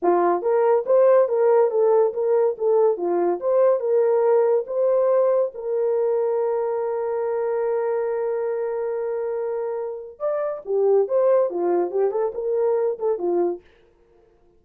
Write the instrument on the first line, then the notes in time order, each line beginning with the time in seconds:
horn
0.02 F4
0.42 A#4
0.85 C5
1.28 A#4
1.70 A4
2.13 A#4
2.58 A4
2.97 F4
3.40 C5
3.79 A#4
4.66 C5
5.54 A#4
10.19 D5
10.65 G4
11.08 C5
11.50 F4
11.90 G4
12.11 A4
12.34 A#4
12.98 A4
13.18 F4